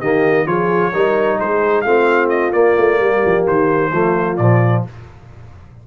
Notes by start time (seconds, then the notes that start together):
0.00 D#3 A#3 G4 D#5
0.46 F3 F4 G#4 C#5
0.92 G3 D#4 A#4
1.39 G#3 G#4 C5
1.81 A3 C4 F4 F5
2.29 D#5
2.53 A#3 D5
2.77 A3
3.00 G3 G4
3.26 F3
3.47 D#3 C5
3.91 F3 A3 F4
4.37 A#2 F3 D5